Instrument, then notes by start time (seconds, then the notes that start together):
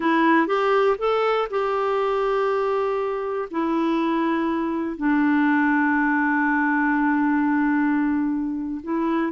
clarinet
0.00 E4
0.47 G4
0.98 A4
1.50 G4
3.50 E4
4.97 D4
8.83 E4